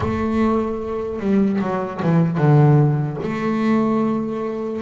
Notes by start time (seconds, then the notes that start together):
0.00 A3
1.19 G3
1.60 F#3
2.02 E3
2.37 D3
3.22 A3